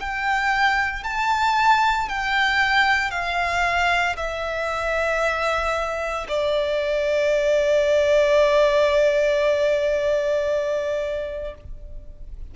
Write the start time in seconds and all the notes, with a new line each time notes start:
0.00 G5
1.04 A5
2.09 G5
3.11 F5
4.16 E5
6.29 D5